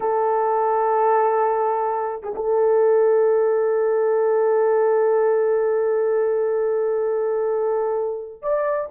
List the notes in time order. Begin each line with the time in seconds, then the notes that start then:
0.00 A4
2.22 G#4
2.35 A4
8.42 D5